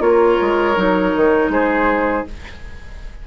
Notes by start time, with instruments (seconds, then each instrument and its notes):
0.00 bassoon A#3, clarinet F4, oboe A#4, flute C#5
0.41 bassoon G#3
0.76 bassoon F#3, clarinet D#4
1.16 bassoon D#3
1.49 bassoon G#3, oboe G#4, flute C5